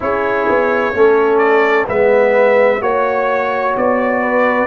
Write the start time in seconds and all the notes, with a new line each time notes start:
0.00 C#4 E4 G#4 C#5
0.48 B3
0.94 A3 C#4 A4
1.38 D5
1.87 G#3 B3 B4 E5
2.80 A#3 F#4 C#5
3.77 B3 D5
4.21 B4